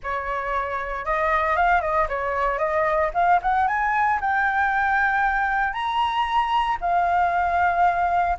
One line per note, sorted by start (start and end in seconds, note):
0.03 1.05 C#5
1.05 1.56 D#5
1.56 1.81 F5
1.81 2.07 D#5
2.08 2.58 C#5
2.58 3.10 D#5
3.14 3.40 F5
3.42 3.67 F#5
3.67 4.19 G#5
4.20 5.72 G5
5.72 6.77 A#5
6.80 8.37 F5